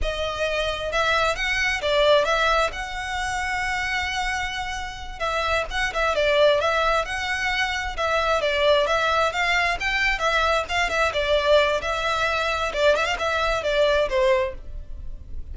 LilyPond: \new Staff \with { instrumentName = "violin" } { \time 4/4 \tempo 4 = 132 dis''2 e''4 fis''4 | d''4 e''4 fis''2~ | fis''2.~ fis''8 e''8~ | e''8 fis''8 e''8 d''4 e''4 fis''8~ |
fis''4. e''4 d''4 e''8~ | e''8 f''4 g''4 e''4 f''8 | e''8 d''4. e''2 | d''8 e''16 f''16 e''4 d''4 c''4 | }